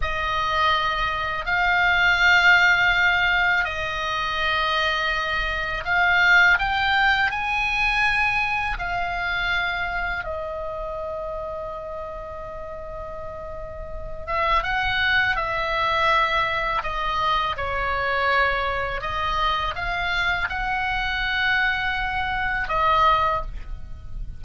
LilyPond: \new Staff \with { instrumentName = "oboe" } { \time 4/4 \tempo 4 = 82 dis''2 f''2~ | f''4 dis''2. | f''4 g''4 gis''2 | f''2 dis''2~ |
dis''2.~ dis''8 e''8 | fis''4 e''2 dis''4 | cis''2 dis''4 f''4 | fis''2. dis''4 | }